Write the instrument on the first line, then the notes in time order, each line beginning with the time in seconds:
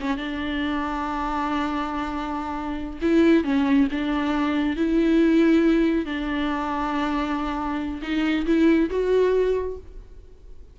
viola
0.00 C#4
0.17 D4
3.01 E4
3.44 C#4
3.91 D4
4.76 E4
6.05 D4
8.02 D#4
8.46 E4
8.90 F#4